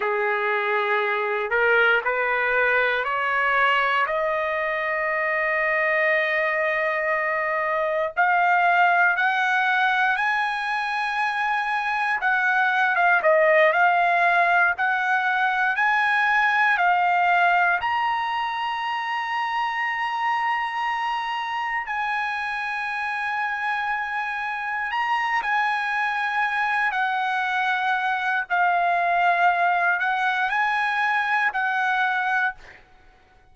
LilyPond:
\new Staff \with { instrumentName = "trumpet" } { \time 4/4 \tempo 4 = 59 gis'4. ais'8 b'4 cis''4 | dis''1 | f''4 fis''4 gis''2 | fis''8. f''16 dis''8 f''4 fis''4 gis''8~ |
gis''8 f''4 ais''2~ ais''8~ | ais''4. gis''2~ gis''8~ | gis''8 ais''8 gis''4. fis''4. | f''4. fis''8 gis''4 fis''4 | }